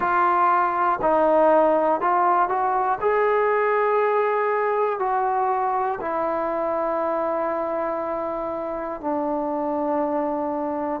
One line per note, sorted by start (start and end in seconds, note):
0.00 0.99 F4
1.01 2.00 D#4
2.00 2.49 F4
2.49 2.99 F#4
3.00 4.99 G#4
4.99 5.99 F#4
6.00 9.00 E4
9.00 11.00 D4